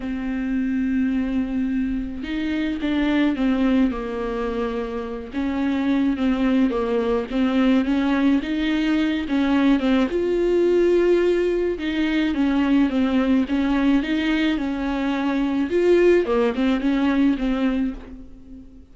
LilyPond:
\new Staff \with { instrumentName = "viola" } { \time 4/4 \tempo 4 = 107 c'1 | dis'4 d'4 c'4 ais4~ | ais4. cis'4. c'4 | ais4 c'4 cis'4 dis'4~ |
dis'8 cis'4 c'8 f'2~ | f'4 dis'4 cis'4 c'4 | cis'4 dis'4 cis'2 | f'4 ais8 c'8 cis'4 c'4 | }